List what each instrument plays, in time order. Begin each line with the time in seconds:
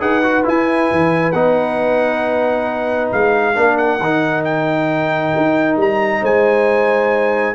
0.00 tuba D#4, trombone G#4, horn B4, trumpet F#5
0.23 trombone F#4
0.44 trombone E4, tuba E4, trumpet G#5
0.91 tuba E3
1.32 tuba B3, trombone D#4, trumpet F#5
3.11 tuba G#3, trumpet F5
3.54 tuba A#3, trombone D4, horn A#4
3.77 trumpet F#5
3.99 tuba D#3, trombone D#4
4.44 trumpet G5
5.36 tuba D#4
5.76 tuba G3, trumpet A#5
6.21 tuba G#3, horn C5, trumpet G#5